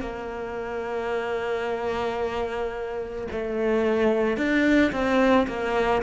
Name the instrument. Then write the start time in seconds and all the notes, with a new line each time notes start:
cello
0.00 A#3
3.31 A3
4.37 D4
4.91 C4
5.47 A#3